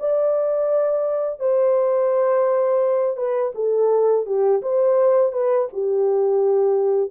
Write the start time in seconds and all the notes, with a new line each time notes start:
0.00 D5
1.40 C5
3.17 B4
3.55 A4
4.26 G4
4.62 C5
5.32 B4
5.73 G4